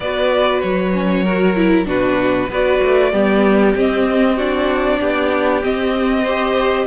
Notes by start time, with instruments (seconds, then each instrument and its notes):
0.00 cello B3, viola F#4, violin B4 D5
0.61 cello F#3, violin C#5
0.93 viola C#4
1.23 viola F#4, violin A#4
1.55 viola E4
1.85 cello B2, viola D4, violin F#4 B4
2.49 cello B3, viola F#4, violin B4 D5
2.83 cello A3
3.12 cello G3, viola B3, violin G4
3.75 viola C4, cello C4, violin D#5
4.35 viola D4, violin F#4 D5
5.00 cello B3, violin G4
5.62 viola C4, cello C4, violin D#5
6.22 viola G4, violin C5